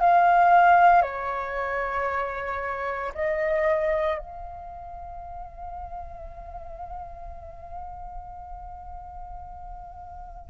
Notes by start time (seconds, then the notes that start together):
0.00 F5
1.02 C#5
3.15 D#5
4.19 F5